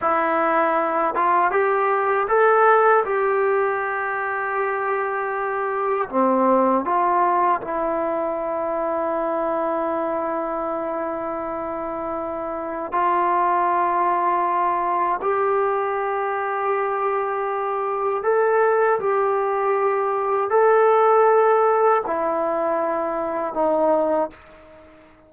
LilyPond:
\new Staff \with { instrumentName = "trombone" } { \time 4/4 \tempo 4 = 79 e'4. f'8 g'4 a'4 | g'1 | c'4 f'4 e'2~ | e'1~ |
e'4 f'2. | g'1 | a'4 g'2 a'4~ | a'4 e'2 dis'4 | }